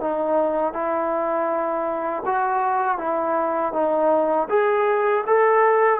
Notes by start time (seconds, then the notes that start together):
0.00 D#4
0.73 E4
2.25 F#4
2.98 E4
3.73 D#4
4.49 G#4
5.26 A4